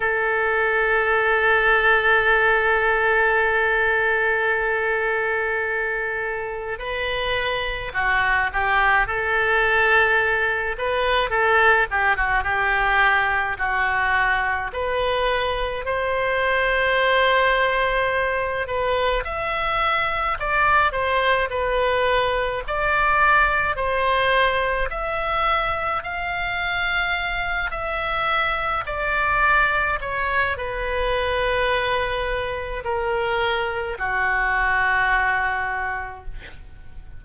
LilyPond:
\new Staff \with { instrumentName = "oboe" } { \time 4/4 \tempo 4 = 53 a'1~ | a'2 b'4 fis'8 g'8 | a'4. b'8 a'8 g'16 fis'16 g'4 | fis'4 b'4 c''2~ |
c''8 b'8 e''4 d''8 c''8 b'4 | d''4 c''4 e''4 f''4~ | f''8 e''4 d''4 cis''8 b'4~ | b'4 ais'4 fis'2 | }